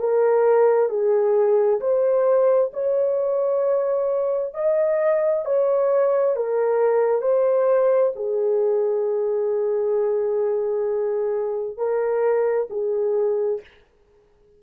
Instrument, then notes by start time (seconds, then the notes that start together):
horn
0.00 A#4
0.89 G#4
1.81 C5
2.73 C#5
4.54 D#5
5.45 C#5
6.36 A#4
7.22 C5
8.16 G#4
11.77 A#4
12.70 G#4